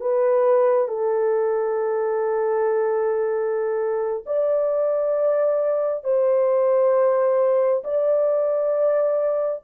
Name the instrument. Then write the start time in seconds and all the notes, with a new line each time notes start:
horn
0.00 B4
0.88 A4
4.26 D5
6.04 C5
7.84 D5